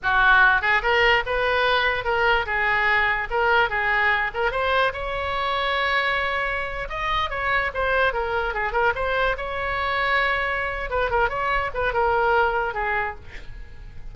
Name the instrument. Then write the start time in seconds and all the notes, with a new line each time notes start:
oboe
0.02 F#4
0.61 G#4
0.82 A#4
1.25 B4
2.04 A#4
2.46 G#4
3.30 A#4
3.69 G#4
4.34 A#4
4.51 C5
4.93 C#5
6.89 D#5
7.30 C#5
7.74 C5
8.13 A#4
8.54 G#4
8.72 A#4
8.95 C5
9.37 C#5
10.90 B4
11.10 A#4
11.29 C#5
11.74 B4
11.93 A#4
12.74 G#4